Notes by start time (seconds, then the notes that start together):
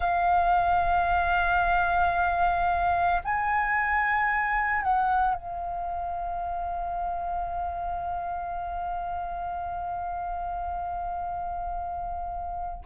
0.00 F5
3.24 G#5
4.82 F#5
5.34 F5